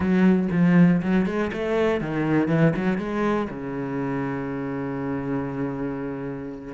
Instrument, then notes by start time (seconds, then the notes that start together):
cello
0.00 F#3
0.51 F3
1.02 F#3
1.26 G#3
1.52 A3
2.00 D#3
2.48 E3
2.76 F#3
2.98 G#3
3.50 C#3